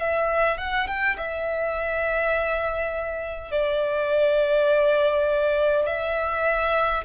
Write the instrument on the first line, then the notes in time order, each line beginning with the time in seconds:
violin
0.00 E5
0.58 F#5
0.88 G5
1.18 E5
3.52 D5
5.87 E5